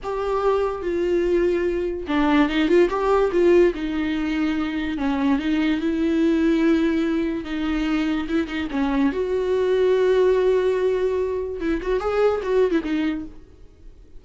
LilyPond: \new Staff \with { instrumentName = "viola" } { \time 4/4 \tempo 4 = 145 g'2 f'2~ | f'4 d'4 dis'8 f'8 g'4 | f'4 dis'2. | cis'4 dis'4 e'2~ |
e'2 dis'2 | e'8 dis'8 cis'4 fis'2~ | fis'1 | e'8 fis'8 gis'4 fis'8. e'16 dis'4 | }